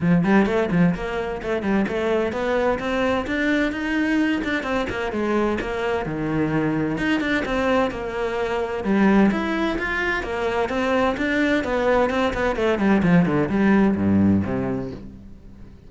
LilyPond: \new Staff \with { instrumentName = "cello" } { \time 4/4 \tempo 4 = 129 f8 g8 a8 f8 ais4 a8 g8 | a4 b4 c'4 d'4 | dis'4. d'8 c'8 ais8 gis4 | ais4 dis2 dis'8 d'8 |
c'4 ais2 g4 | e'4 f'4 ais4 c'4 | d'4 b4 c'8 b8 a8 g8 | f8 d8 g4 g,4 c4 | }